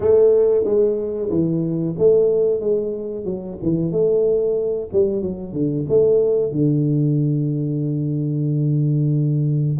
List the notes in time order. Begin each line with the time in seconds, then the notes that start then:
0.00 A3
0.64 G#3
1.30 E3
1.98 A3
2.60 G#3
3.25 F#3
3.62 E3
3.91 A3
4.92 G3
5.22 F#3
5.53 D3
5.88 A3
6.51 D3